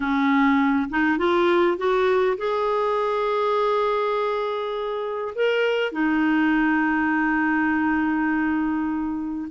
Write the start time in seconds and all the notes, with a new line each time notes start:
0.00 C#4
0.89 D#4
1.18 F4
1.77 F#4
2.37 G#4
5.35 A#4
5.91 D#4